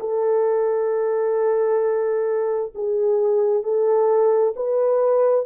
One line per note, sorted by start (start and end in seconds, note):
0.00 2.73 A4
2.75 3.63 G#4
3.63 4.54 A4
4.56 5.45 B4